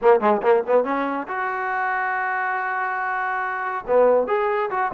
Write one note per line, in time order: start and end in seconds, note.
0.01 0.20 A#3
0.20 0.41 G#3
0.41 0.63 A#3
0.66 0.84 B3
0.84 1.27 C#4
1.27 3.85 F#4
3.87 4.27 B3
4.27 4.70 G#4
4.70 4.91 F#4